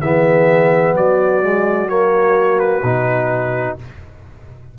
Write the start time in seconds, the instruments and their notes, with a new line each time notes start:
0.00 tuba E3, trombone B3, horn G#4, trumpet E5
0.93 tuba F#3, horn F#4, trumpet D5
1.42 trombone G#3
1.87 trombone A#3, trumpet C#5
2.59 trumpet B4
2.83 tuba B2, trombone D#4